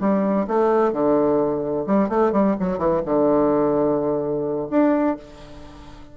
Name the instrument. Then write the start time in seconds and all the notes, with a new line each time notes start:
bassoon
0.00 G3
0.47 A3
0.93 D3
1.86 G3
2.09 A3
2.32 G3
2.60 F#3
2.78 E3
3.05 D3
4.70 D4